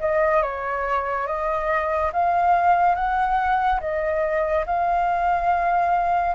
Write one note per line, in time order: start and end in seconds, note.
0.00 0.42 D#5
0.42 1.27 C#5
1.27 2.11 D#5
2.13 2.95 F5
2.95 3.80 F#5
3.81 4.65 D#5
4.66 6.35 F5